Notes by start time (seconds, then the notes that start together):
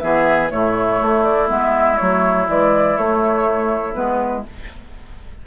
0.00 E3 B3 G#4 E5
0.50 A2 A3 E4 C#5
1.02 A3
1.24 D5
1.48 G#3 B3 E5
1.98 F#3 A3 C#5
2.47 E3 G#3 D5
2.97 A3 C#5
3.94 G#3 B3 B4